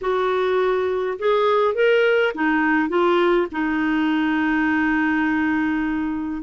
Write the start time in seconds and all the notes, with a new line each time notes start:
0.01 F#4
1.18 G#4
1.74 A#4
2.34 D#4
2.89 F4
3.51 D#4